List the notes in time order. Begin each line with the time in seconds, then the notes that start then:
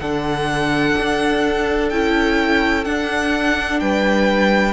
0.00 D3 D4 A4 F#5
0.98 D4
1.89 C#4 E4 G5
2.85 D4 F#5
3.80 G3 B4 G5